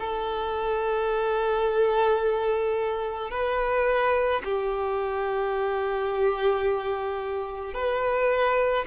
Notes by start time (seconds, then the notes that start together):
0.00 A4
3.31 B4
4.44 G4
7.74 B4